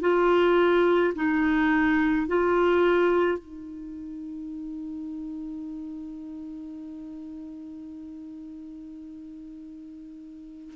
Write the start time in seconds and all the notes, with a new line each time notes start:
0.00 F4
1.15 D#4
2.27 F4
3.38 D#4